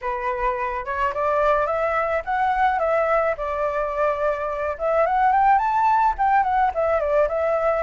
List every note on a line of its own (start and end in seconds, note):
0.01 0.85 B4
0.85 1.13 C#5
1.13 1.66 D5
1.66 2.22 E5
2.25 2.79 F#5
2.79 3.35 E5
3.37 4.77 D5
4.78 5.05 E5
5.05 5.32 F#5
5.32 5.58 G5
5.58 6.14 A5
6.18 6.43 G5
6.43 6.71 F#5
6.74 7.00 E5
7.00 7.28 D5
7.28 7.83 E5